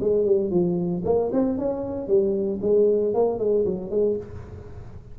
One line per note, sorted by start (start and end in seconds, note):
0.00 0.25 G#3
0.25 0.50 G3
0.50 1.02 F3
1.04 1.30 A#3
1.32 1.57 C4
1.57 2.07 C#4
2.07 2.59 G3
2.61 3.14 G#3
3.14 3.38 A#3
3.38 3.64 G#3
3.65 3.90 F#3
3.90 4.16 G#3